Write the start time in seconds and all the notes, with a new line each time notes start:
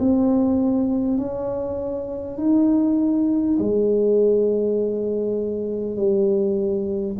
0.00 C4
1.18 C#4
2.38 D#4
3.59 G#3
5.97 G3